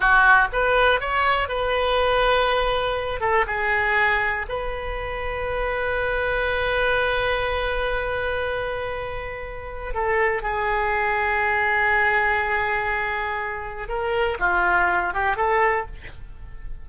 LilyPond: \new Staff \with { instrumentName = "oboe" } { \time 4/4 \tempo 4 = 121 fis'4 b'4 cis''4 b'4~ | b'2~ b'8 a'8 gis'4~ | gis'4 b'2.~ | b'1~ |
b'1 | a'4 gis'2.~ | gis'1 | ais'4 f'4. g'8 a'4 | }